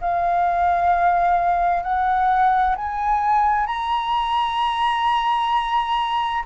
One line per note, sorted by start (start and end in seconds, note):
0.00 1.83 F5
1.83 2.75 F#5
2.75 3.66 G#5
3.66 6.43 A#5